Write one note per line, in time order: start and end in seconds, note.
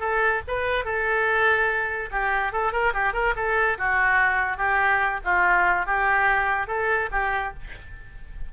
0.00 0.42 A4
0.48 0.85 B4
0.85 2.10 A4
2.12 2.52 G4
2.52 2.73 A4
2.73 2.94 A#4
2.94 3.13 G4
3.13 3.34 A#4
3.36 3.78 A4
3.78 4.58 F#4
4.58 5.20 G4
5.25 5.86 F4
5.86 6.68 G4
6.68 7.09 A4
7.12 7.53 G4